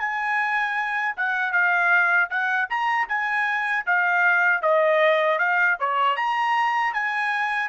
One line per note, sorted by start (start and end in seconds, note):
0.00 1.15 G#5
1.17 1.52 F#5
1.52 2.29 F5
2.30 2.69 F#5
2.70 3.08 A#5
3.09 3.86 G#5
3.86 4.62 F5
4.62 5.39 D#5
5.39 5.77 F5
5.80 6.17 C#5
6.17 6.94 A#5
6.94 7.69 G#5